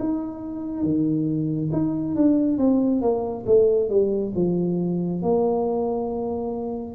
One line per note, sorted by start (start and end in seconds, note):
0.00 0.84 D#4
0.84 1.71 D#3
1.73 2.16 D#4
2.16 2.58 D4
2.58 3.02 C4
3.02 3.45 A#3
3.47 3.90 A3
3.90 4.33 G3
4.36 5.23 F3
5.23 6.96 A#3